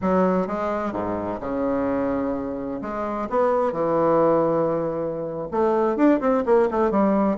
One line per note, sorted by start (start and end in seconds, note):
0.01 0.47 F#3
0.47 0.93 G#3
0.93 1.39 G#2
1.40 2.81 C#3
2.81 3.28 G#3
3.29 3.72 B3
3.72 5.48 E3
5.51 5.96 A3
5.96 6.20 D4
6.20 6.43 C4
6.45 6.69 A#3
6.71 6.90 A3
6.90 7.37 G3